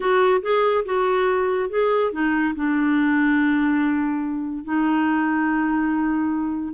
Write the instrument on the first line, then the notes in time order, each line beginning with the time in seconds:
clarinet
0.00 F#4
0.42 G#4
0.85 F#4
1.69 G#4
2.12 D#4
2.55 D4
4.64 D#4